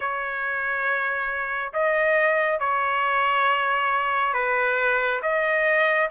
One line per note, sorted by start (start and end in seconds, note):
0.00 1.72 C#5
1.73 2.59 D#5
2.59 4.33 C#5
4.33 5.20 B4
5.22 6.09 D#5